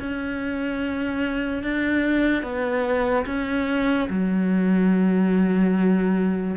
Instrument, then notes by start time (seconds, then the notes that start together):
cello
0.00 C#4
1.63 D4
2.43 B3
3.27 C#4
4.10 F#3